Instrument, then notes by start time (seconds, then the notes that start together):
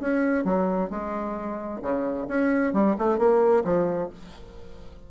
bassoon
0.00 C#4
0.44 F#3
0.90 G#3
1.82 C#3
2.28 C#4
2.73 G3
2.99 A3
3.18 A#3
3.64 F3